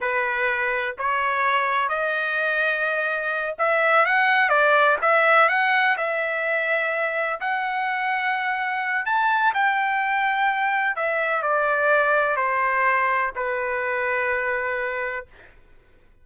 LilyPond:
\new Staff \with { instrumentName = "trumpet" } { \time 4/4 \tempo 4 = 126 b'2 cis''2 | dis''2.~ dis''8 e''8~ | e''8 fis''4 d''4 e''4 fis''8~ | fis''8 e''2. fis''8~ |
fis''2. a''4 | g''2. e''4 | d''2 c''2 | b'1 | }